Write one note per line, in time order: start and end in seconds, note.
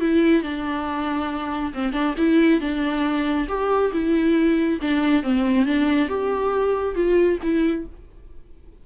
0.00 0.42 E4
0.42 1.73 D4
1.74 1.92 C4
1.92 2.14 D4
2.17 2.60 E4
2.60 3.47 D4
3.48 3.92 G4
3.92 4.79 E4
4.81 5.23 D4
5.23 5.65 C4
5.65 6.08 D4
6.08 6.95 G4
6.95 7.38 F4
7.42 7.86 E4